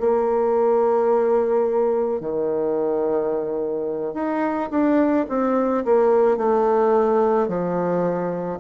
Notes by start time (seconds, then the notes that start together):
0.00 A#3
2.20 D#3
4.14 D#4
4.70 D4
5.29 C4
5.85 A#3
6.37 A3
7.48 F3